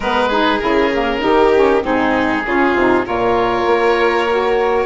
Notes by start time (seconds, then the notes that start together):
0.00 G#3 B3 A#4 B4
0.28 D#4 G#4
0.59 C#3 E4 A#4
0.93 A#3
1.19 D#3 D#4 G4
1.54 C#4
1.82 G#2 C4 D#4 G#4
2.46 C#3 C#4 F4
2.73 C3 D#4
3.03 A#2 F4 A#4 C#5
3.66 A#3
4.29 F#4